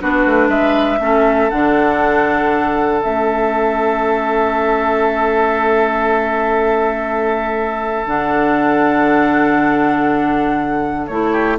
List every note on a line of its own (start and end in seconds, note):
0.00 0.26 B3
0.00 1.00 D4
0.00 0.49 F#4
0.00 0.50 B4
0.26 0.49 A3
0.49 0.99 G#3
0.49 0.99 B4
0.49 1.50 E5
1.00 1.50 A3
1.00 1.51 C#4
1.00 11.32 A4
1.50 3.04 D3
1.50 3.01 D4
1.50 3.01 F#5
3.01 8.07 A3
3.01 8.06 C#4
3.01 8.07 E5
8.07 11.09 D3
8.07 11.10 D4
8.07 11.07 F#5
11.07 11.59 A3
11.07 11.59 E4
11.07 11.57 C#5
11.32 11.57 G4